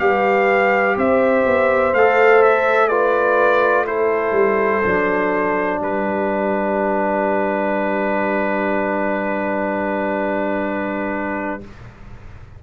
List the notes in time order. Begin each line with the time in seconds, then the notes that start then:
0.00 G3 G4 B4 F5
0.97 C4 C5 E5
1.46 B3
1.94 A3 A4 F5
2.43 E5
2.89 F4 B4 D5
3.86 E4 A4 C5
4.32 G3
4.84 F#3 D4
5.81 G3 G4 B4